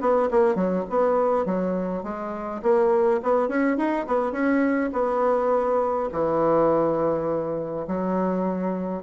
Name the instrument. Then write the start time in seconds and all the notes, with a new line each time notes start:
bassoon
0.00 B3
0.30 A#3
0.55 F#3
0.89 B3
1.45 F#3
2.03 G#3
2.62 A#3
3.23 B3
3.48 C#4
3.77 D#4
4.07 B3
4.32 C#4
4.92 B3
6.12 E3
7.87 F#3